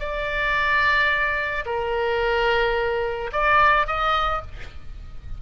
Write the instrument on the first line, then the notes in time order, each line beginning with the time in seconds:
oboe
0.00 D5
1.66 A#4
3.33 D5
3.87 D#5